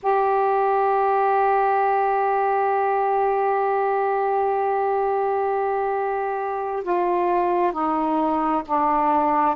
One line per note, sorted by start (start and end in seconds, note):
0.02 6.83 G4
6.83 7.71 F4
7.71 8.62 D#4
8.66 9.55 D4